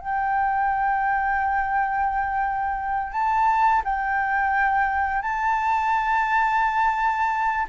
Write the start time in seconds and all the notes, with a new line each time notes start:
0.00 G5
3.13 A5
3.85 G5
5.23 A5